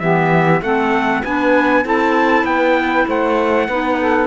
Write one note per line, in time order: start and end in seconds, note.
0.00 0.62 E3
0.00 0.62 B3
0.00 0.62 G4
0.00 0.61 E5
0.62 1.23 A3
0.62 1.25 C4
0.62 1.23 A4
0.62 1.24 F#5
1.24 1.85 B3
1.24 1.85 D4
1.24 1.84 B4
1.24 1.86 G#5
1.84 2.44 C4
1.84 3.68 E4
1.84 2.45 A4
1.84 2.46 A5
2.44 3.05 B3
2.44 3.06 B4
2.44 3.07 G5
3.08 3.69 A3
3.08 3.68 C5
3.08 4.28 F#5
3.68 4.28 B3
3.68 4.28 D#4
3.68 3.98 B4
4.00 4.28 A4